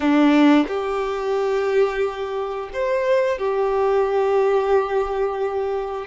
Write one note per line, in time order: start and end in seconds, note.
0.00 0.66 D4
0.67 2.70 G4
2.73 3.38 C5
3.38 6.06 G4